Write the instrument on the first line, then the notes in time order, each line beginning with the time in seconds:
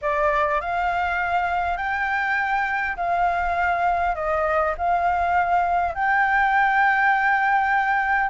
flute
0.01 D5
0.60 F5
1.77 G5
2.96 F5
4.14 D#5
4.77 F5
5.95 G5